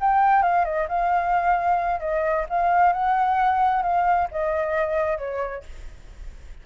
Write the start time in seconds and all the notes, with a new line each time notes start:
0.00 G5
0.42 F5
0.64 D#5
0.88 F5
2.00 D#5
2.49 F5
2.92 F#5
3.82 F5
4.31 D#5
5.18 C#5